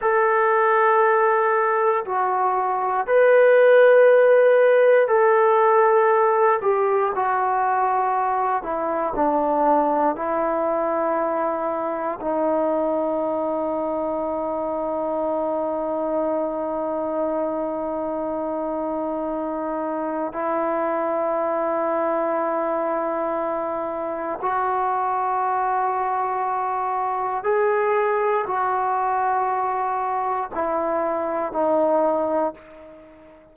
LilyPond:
\new Staff \with { instrumentName = "trombone" } { \time 4/4 \tempo 4 = 59 a'2 fis'4 b'4~ | b'4 a'4. g'8 fis'4~ | fis'8 e'8 d'4 e'2 | dis'1~ |
dis'1 | e'1 | fis'2. gis'4 | fis'2 e'4 dis'4 | }